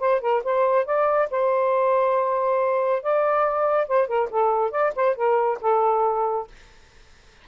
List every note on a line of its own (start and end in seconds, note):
0.00 0.21 C5
0.21 0.43 A#4
0.44 0.86 C5
0.86 1.29 D5
1.31 3.03 C5
3.03 3.88 D5
3.88 4.08 C5
4.08 4.29 A#4
4.31 4.71 A4
4.71 4.93 D5
4.96 5.16 C5
5.16 5.59 A#4
5.62 6.48 A4